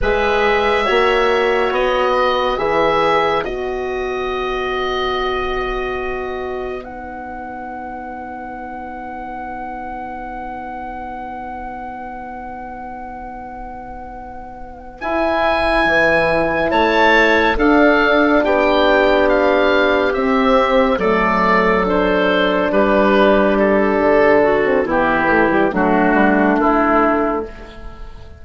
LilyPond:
<<
  \new Staff \with { instrumentName = "oboe" } { \time 4/4 \tempo 4 = 70 e''2 dis''4 e''4 | dis''1 | fis''1~ | fis''1~ |
fis''4. gis''2 a''8~ | a''8 f''4 g''4 f''4 e''8~ | e''8 d''4 c''4 b'4 a'8~ | a'4 g'4 fis'4 e'4 | }
  \new Staff \with { instrumentName = "clarinet" } { \time 4/4 b'4 cis''4. b'4.~ | b'1~ | b'1~ | b'1~ |
b'2.~ b'8 cis''8~ | cis''8 a'4 g'2~ g'8~ | g'8 a'2 g'4.~ | g'8 fis'8 e'4 d'2 | }
  \new Staff \with { instrumentName = "horn" } { \time 4/4 gis'4 fis'2 gis'4 | fis'1 | dis'1~ | dis'1~ |
dis'4. e'2~ e'8~ | e'8 d'2. c'8~ | c'8 a4 d'2~ d'8~ | d'8. c'16 b8 a16 g16 a2 | }
  \new Staff \with { instrumentName = "bassoon" } { \time 4/4 gis4 ais4 b4 e4 | b1~ | b1~ | b1~ |
b4. e'4 e4 a8~ | a8 d'4 b2 c'8~ | c'8 fis2 g4. | d4 e4 fis8 g8 a4 | }
>>